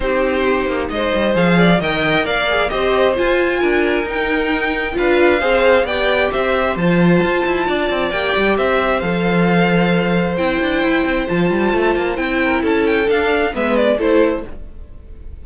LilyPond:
<<
  \new Staff \with { instrumentName = "violin" } { \time 4/4 \tempo 4 = 133 c''2 dis''4 f''4 | g''4 f''4 dis''4 gis''4~ | gis''4 g''2 f''4~ | f''4 g''4 e''4 a''4~ |
a''2 g''4 e''4 | f''2. g''4~ | g''4 a''2 g''4 | a''8 g''8 f''4 e''8 d''8 c''4 | }
  \new Staff \with { instrumentName = "violin" } { \time 4/4 g'2 c''4. d''8 | dis''4 d''4 c''2 | ais'2. b'4 | c''4 d''4 c''2~ |
c''4 d''2 c''4~ | c''1~ | c''2.~ c''8 ais'8 | a'2 b'4 a'4 | }
  \new Staff \with { instrumentName = "viola" } { \time 4/4 dis'2. gis'4 | ais'4. gis'8 g'4 f'4~ | f'4 dis'2 f'4 | gis'4 g'2 f'4~ |
f'2 g'2 | a'2. e'4~ | e'4 f'2 e'4~ | e'4 d'4 b4 e'4 | }
  \new Staff \with { instrumentName = "cello" } { \time 4/4 c'4. ais8 gis8 g8 f4 | dis4 ais4 c'4 f'4 | d'4 dis'2 d'4 | c'4 b4 c'4 f4 |
f'8 e'8 d'8 c'8 ais8 g8 c'4 | f2. c'8 d'8 | e'8 c'8 f8 g8 a8 ais8 c'4 | cis'4 d'4 gis4 a4 | }
>>